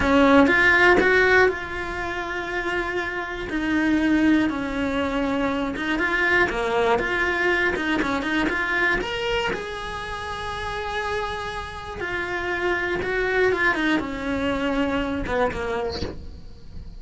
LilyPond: \new Staff \with { instrumentName = "cello" } { \time 4/4 \tempo 4 = 120 cis'4 f'4 fis'4 f'4~ | f'2. dis'4~ | dis'4 cis'2~ cis'8 dis'8 | f'4 ais4 f'4. dis'8 |
cis'8 dis'8 f'4 ais'4 gis'4~ | gis'1 | f'2 fis'4 f'8 dis'8 | cis'2~ cis'8 b8 ais4 | }